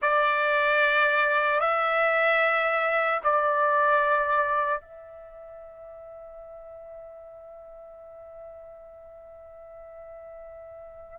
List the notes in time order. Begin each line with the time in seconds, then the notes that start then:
0.02 D5
1.60 E5
3.23 D5
4.80 E5